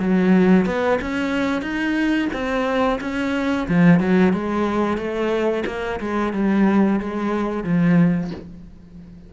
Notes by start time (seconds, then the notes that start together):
0.00 F#3
0.66 B3
1.02 C#4
1.62 D#4
2.33 C4
3.01 C#4
3.68 F3
4.00 F#3
4.33 G#3
4.98 A3
5.67 A#3
6.01 G#3
6.33 G3
7.00 G#3
7.64 F3